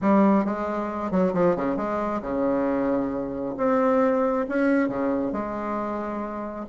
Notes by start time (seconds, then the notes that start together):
0.01 G3
0.44 G#3
1.11 F#3
1.33 F3
1.56 C#3
1.76 G#3
2.21 C#3
3.57 C4
4.48 C#4
4.88 C#3
5.32 G#3